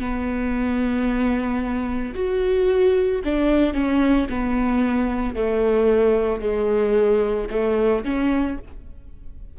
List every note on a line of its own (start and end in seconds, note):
0.00 2.14 B3
2.15 3.22 F#4
3.24 3.74 D4
3.74 4.27 C#4
4.29 5.35 B3
5.35 6.41 A3
6.41 7.48 G#3
7.50 8.04 A3
8.05 8.58 C#4